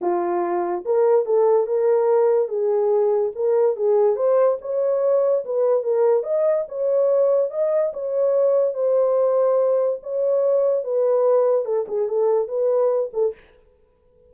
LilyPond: \new Staff \with { instrumentName = "horn" } { \time 4/4 \tempo 4 = 144 f'2 ais'4 a'4 | ais'2 gis'2 | ais'4 gis'4 c''4 cis''4~ | cis''4 b'4 ais'4 dis''4 |
cis''2 dis''4 cis''4~ | cis''4 c''2. | cis''2 b'2 | a'8 gis'8 a'4 b'4. a'8 | }